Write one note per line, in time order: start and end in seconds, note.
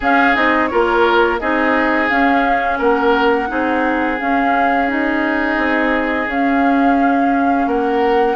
0.00 0.36 C#4
0.00 0.35 C#4
0.00 0.69 G#4
0.00 0.36 F5
0.35 0.71 C4
0.35 0.70 D#4
0.35 0.67 D#5
0.67 1.40 F4
0.67 1.40 A#4
0.67 1.37 C#5
0.73 1.41 A#3
1.38 2.10 C4
1.38 2.09 D#4
1.38 2.78 G#4
1.38 2.08 D#5
2.08 3.47 C#4
2.08 2.80 C#4
2.08 2.78 F5
2.78 3.49 A#3
2.78 3.48 A#4
2.78 4.20 F#5
3.47 4.20 C4
3.47 4.17 D#4
3.47 7.67 G#4
4.18 4.87 C#4
4.18 5.57 C#4
4.18 4.90 F5
4.87 6.27 D#4
4.87 6.29 D#5
5.57 6.26 C4
6.27 7.66 C#4
6.27 8.35 C#4
6.27 7.68 F5
7.66 8.35 A#3
7.66 8.35 A#4
7.66 8.35 F#5